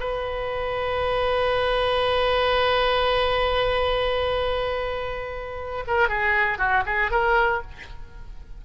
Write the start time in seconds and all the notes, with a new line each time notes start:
0.00 B4
5.87 A#4
6.09 G#4
6.58 F#4
6.86 G#4
7.11 A#4